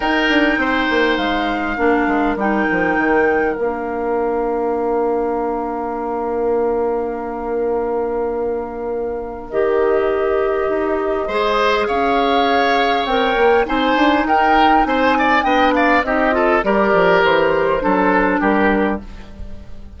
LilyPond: <<
  \new Staff \with { instrumentName = "flute" } { \time 4/4 \tempo 4 = 101 g''2 f''2 | g''2 f''2~ | f''1~ | f''1 |
dis''1 | f''2 g''4 gis''4 | g''4 gis''4 g''8 f''8 dis''4 | d''4 c''2 ais'4 | }
  \new Staff \with { instrumentName = "oboe" } { \time 4/4 ais'4 c''2 ais'4~ | ais'1~ | ais'1~ | ais'1~ |
ais'2. c''4 | cis''2. c''4 | ais'4 c''8 d''8 dis''8 d''8 g'8 a'8 | ais'2 a'4 g'4 | }
  \new Staff \with { instrumentName = "clarinet" } { \time 4/4 dis'2. d'4 | dis'2 d'2~ | d'1~ | d'1 |
g'2. gis'4~ | gis'2 ais'4 dis'4~ | dis'2 d'4 dis'8 f'8 | g'2 d'2 | }
  \new Staff \with { instrumentName = "bassoon" } { \time 4/4 dis'8 d'8 c'8 ais8 gis4 ais8 gis8 | g8 f8 dis4 ais2~ | ais1~ | ais1 |
dis2 dis'4 gis4 | cis'2 c'8 ais8 c'8 d'8 | dis'4 c'4 b4 c'4 | g8 f8 e4 fis4 g4 | }
>>